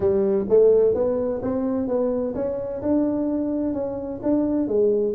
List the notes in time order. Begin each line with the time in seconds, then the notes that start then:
0.00 G3
0.49 A3
0.94 B3
1.42 C4
1.87 B3
2.34 C#4
2.82 D4
3.73 C#4
4.22 D4
4.67 G#3